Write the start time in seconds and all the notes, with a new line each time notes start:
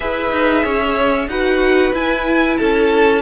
0.00 E4 G#4 B4 E5
0.31 D#4
0.63 C#4 C#5
1.27 D#4 F#4 B4 F#5
1.93 E4 G#5
2.57 C#4 A4 A5